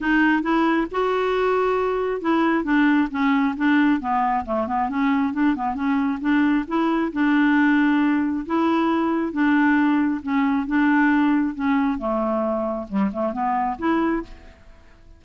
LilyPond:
\new Staff \with { instrumentName = "clarinet" } { \time 4/4 \tempo 4 = 135 dis'4 e'4 fis'2~ | fis'4 e'4 d'4 cis'4 | d'4 b4 a8 b8 cis'4 | d'8 b8 cis'4 d'4 e'4 |
d'2. e'4~ | e'4 d'2 cis'4 | d'2 cis'4 a4~ | a4 g8 a8 b4 e'4 | }